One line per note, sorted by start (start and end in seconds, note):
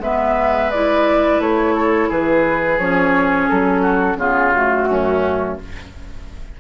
0.00 1.40 G#3
0.00 0.73 B3
0.00 1.75 B4
0.00 0.71 E5
0.71 2.81 E4
0.71 1.41 D5
1.40 2.09 A3
1.40 2.11 C#5
1.75 2.09 A4
2.09 2.79 E3
2.09 3.82 G#4
2.09 2.79 B4
2.79 3.49 F3
2.79 4.18 C#4
2.79 3.49 C#5
3.49 4.16 F#3
3.49 4.19 A4
3.82 4.17 F#4
4.16 4.86 C#3
4.16 4.53 B3
4.16 4.89 F4
4.16 4.52 G#4
4.52 5.60 A3
4.52 5.57 F#4
4.89 5.60 F#2
4.89 5.59 C#4